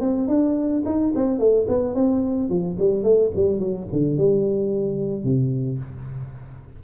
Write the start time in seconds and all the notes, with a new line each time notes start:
0.00 C4
0.28 D4
0.85 D#4
1.15 C4
1.39 A3
1.68 B3
1.95 C4
2.49 F3
2.79 G3
3.04 A3
3.35 G3
3.59 F#3
3.92 D3
4.17 G3
5.24 C3